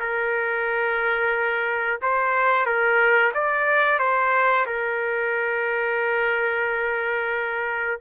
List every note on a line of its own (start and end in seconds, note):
0.00 2.00 A#4
2.02 2.66 C5
2.66 3.32 A#4
3.35 3.99 D5
3.99 4.66 C5
4.67 8.00 A#4